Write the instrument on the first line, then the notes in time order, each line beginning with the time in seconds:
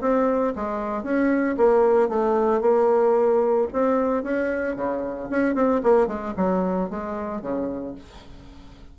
bassoon
0.00 C4
0.56 G#3
1.03 C#4
1.57 A#3
2.09 A3
2.61 A#3
3.73 C4
4.23 C#4
4.75 C#3
5.30 C#4
5.54 C4
5.83 A#3
6.07 G#3
6.36 F#3
6.90 G#3
7.41 C#3